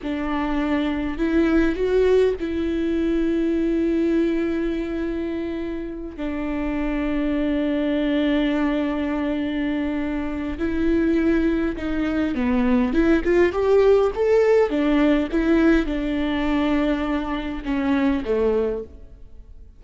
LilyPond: \new Staff \with { instrumentName = "viola" } { \time 4/4 \tempo 4 = 102 d'2 e'4 fis'4 | e'1~ | e'2~ e'8 d'4.~ | d'1~ |
d'2 e'2 | dis'4 b4 e'8 f'8 g'4 | a'4 d'4 e'4 d'4~ | d'2 cis'4 a4 | }